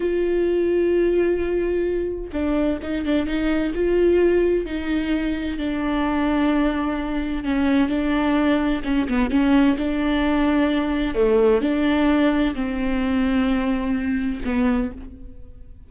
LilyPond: \new Staff \with { instrumentName = "viola" } { \time 4/4 \tempo 4 = 129 f'1~ | f'4 d'4 dis'8 d'8 dis'4 | f'2 dis'2 | d'1 |
cis'4 d'2 cis'8 b8 | cis'4 d'2. | a4 d'2 c'4~ | c'2. b4 | }